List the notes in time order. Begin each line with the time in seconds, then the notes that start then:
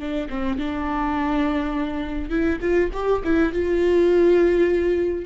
0.00 D4
0.30 C4
0.59 D4
2.30 E4
2.62 F4
2.93 G4
3.25 E4
3.53 F4